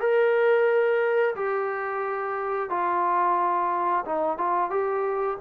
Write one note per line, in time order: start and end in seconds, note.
0.00 1.35 A#4
1.35 2.70 G4
2.70 4.04 F4
4.05 4.38 D#4
4.38 4.70 F4
4.70 5.37 G4